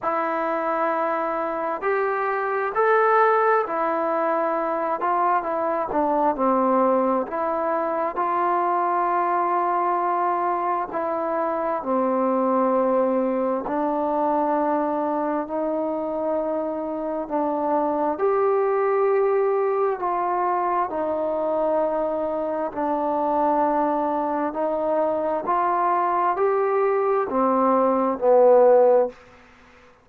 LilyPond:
\new Staff \with { instrumentName = "trombone" } { \time 4/4 \tempo 4 = 66 e'2 g'4 a'4 | e'4. f'8 e'8 d'8 c'4 | e'4 f'2. | e'4 c'2 d'4~ |
d'4 dis'2 d'4 | g'2 f'4 dis'4~ | dis'4 d'2 dis'4 | f'4 g'4 c'4 b4 | }